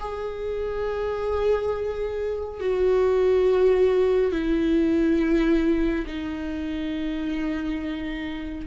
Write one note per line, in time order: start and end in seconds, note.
0.00 2.60 G#4
2.60 4.32 F#4
4.32 6.06 E4
6.07 8.67 D#4